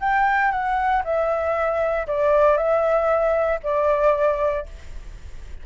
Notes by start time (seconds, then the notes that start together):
0.00 G5
0.51 F#5
1.04 E5
2.07 D5
2.57 E5
3.63 D5